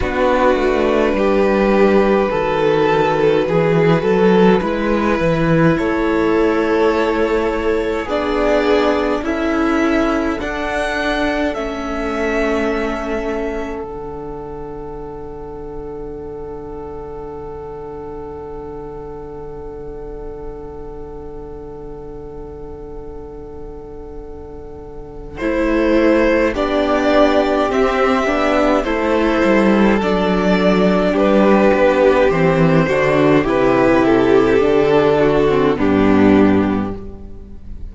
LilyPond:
<<
  \new Staff \with { instrumentName = "violin" } { \time 4/4 \tempo 4 = 52 b'1~ | b'4 cis''2 d''4 | e''4 fis''4 e''2 | fis''1~ |
fis''1~ | fis''2 c''4 d''4 | e''4 c''4 d''4 b'4 | c''4 b'8 a'4. g'4 | }
  \new Staff \with { instrumentName = "violin" } { \time 4/4 fis'4 g'4 a'4 gis'8 a'8 | b'4 a'2 gis'4 | a'1~ | a'1~ |
a'1~ | a'2. g'4~ | g'4 a'2 g'4~ | g'8 fis'8 g'4. fis'8 d'4 | }
  \new Staff \with { instrumentName = "viola" } { \time 4/4 d'2 fis'2 | e'2. d'4 | e'4 d'4 cis'2 | d'1~ |
d'1~ | d'2 e'4 d'4 | c'8 d'8 e'4 d'2 | c'8 d'8 e'4 d'8. c'16 b4 | }
  \new Staff \with { instrumentName = "cello" } { \time 4/4 b8 a8 g4 dis4 e8 fis8 | gis8 e8 a2 b4 | cis'4 d'4 a2 | d1~ |
d1~ | d2 a4 b4 | c'8 b8 a8 g8 fis4 g8 b8 | e8 d8 c4 d4 g,4 | }
>>